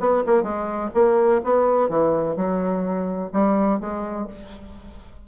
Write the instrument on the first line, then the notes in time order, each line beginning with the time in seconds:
bassoon
0.00 B3
0.26 A#3
0.43 G#3
0.94 A#3
1.44 B3
1.89 E3
2.36 F#3
3.33 G3
3.80 G#3